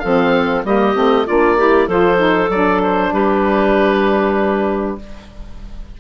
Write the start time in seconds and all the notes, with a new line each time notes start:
0.00 F3 C4 A4 F5
0.65 G3 A#3 G4 D#5
0.95 A3 C4
1.26 A#3 D4 F4 D5
1.58 E4 G4
1.87 F3 F4 A4 C5
2.17 D#4
2.50 F#3 D4 D5
2.83 C5
3.13 G3 G4 B4